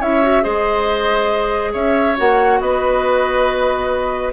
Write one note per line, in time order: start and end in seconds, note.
0.00 0.45 C#4
0.00 0.22 E4
0.00 0.43 C#5
0.00 0.44 E5
0.22 0.42 F#4
0.42 1.74 G#3
0.42 2.15 G#4
0.42 1.73 C5
0.42 1.73 D#5
1.73 2.18 C#4
1.73 2.59 C#5
1.73 2.17 E5
2.17 2.60 A#3
2.17 4.33 F#4
2.17 2.61 F#5
2.60 4.33 B3
2.60 4.33 B4
2.60 4.33 D#5